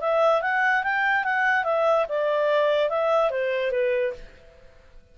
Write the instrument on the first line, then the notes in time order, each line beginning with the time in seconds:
clarinet
0.00 E5
0.41 F#5
0.83 G5
1.23 F#5
1.64 E5
2.09 D5
2.89 E5
3.30 C5
3.71 B4